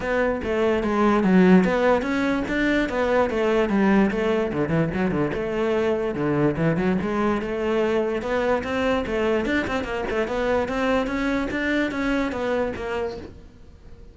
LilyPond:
\new Staff \with { instrumentName = "cello" } { \time 4/4 \tempo 4 = 146 b4 a4 gis4 fis4 | b4 cis'4 d'4 b4 | a4 g4 a4 d8 e8 | fis8 d8 a2 d4 |
e8 fis8 gis4 a2 | b4 c'4 a4 d'8 c'8 | ais8 a8 b4 c'4 cis'4 | d'4 cis'4 b4 ais4 | }